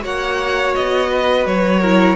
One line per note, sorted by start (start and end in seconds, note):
0.00 0.75 A#3
0.00 1.79 F#4
0.00 1.10 C#5
0.00 0.74 F#5
0.74 1.46 B3
0.74 1.46 D#5
1.11 1.80 B4
1.46 2.15 F#3
1.46 2.15 C#5
1.80 2.15 E4
1.80 2.15 A#4